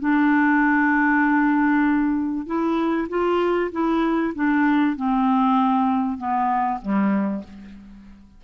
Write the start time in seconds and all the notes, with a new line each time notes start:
0.00 D4
2.47 E4
3.10 F4
3.72 E4
4.36 D4
4.97 C4
6.18 B3
6.82 G3